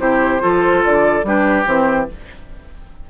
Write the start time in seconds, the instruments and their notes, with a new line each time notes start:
0.00 bassoon C3, clarinet E4, oboe G4, flute C5
0.41 bassoon F3, clarinet F4, oboe A4
0.85 bassoon D3, flute D5
1.24 bassoon G3, clarinet D4, oboe G4, flute B4
1.66 bassoon E3, clarinet C4, flute C5